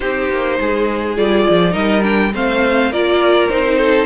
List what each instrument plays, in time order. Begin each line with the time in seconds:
0.00 cello C4, viola D#4, violin G4 C5
0.30 cello A#3
0.60 cello G#3, violin G#4
1.16 cello G3, viola F4, violin D5
1.49 cello F3
1.71 cello G3, viola D#4, violin A#4 D#5
2.02 viola D4, violin G5
2.33 cello A3, viola C4, violin C5 F5
2.90 cello A#3, viola F4, violin A#4 D5
3.49 cello C4, viola D#4, violin C5
3.78 violin A4